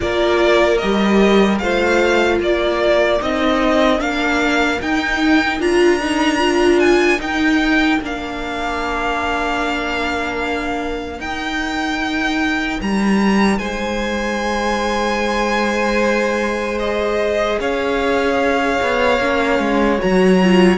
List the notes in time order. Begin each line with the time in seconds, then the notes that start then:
0.00 A#3 F4 A#4 D5
0.78 G3 G4 D#5
1.58 A3 F4 C5 F5
2.39 A#3 A#4 D5
3.20 C4 D#4 D#5
3.98 A#3 D4 F5
4.81 D#4 G5
5.59 D4 F4 A#5
6.00 D#4
6.38 F4
6.79 G#5
7.19 D#4 G5
8.00 A#3 D4 F5
11.19 D#4 G5
12.81 G3 A#5
13.58 G#3 C5 G#5
16.79 G#4 D#5
17.59 C#4 C#5 F5
18.81 B3
19.19 A#3 C#4
19.59 G#3
19.99 F#3 F#4 A#5
20.43 F4